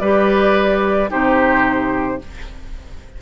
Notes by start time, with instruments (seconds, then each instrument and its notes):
0.00 bassoon G3, clarinet G4, oboe B4, flute D5
1.09 bassoon C3, clarinet D#4, oboe G4, flute C5